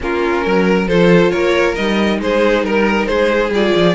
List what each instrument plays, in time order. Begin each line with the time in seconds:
0.00 cello A#3, viola C#4, violin F4 A#4
0.44 cello F#3, violin A#4
0.87 cello F3, viola F4, violin A4 C5
1.30 cello A#3, violin A#4 C#5
1.75 cello G3, viola D#4, violin D#5
2.20 cello G#3, violin G#4 C5
2.63 cello G3, violin A#4
3.06 cello G#3, violin G#4 C5
3.49 cello G3, viola F4, violin D5
3.75 cello F3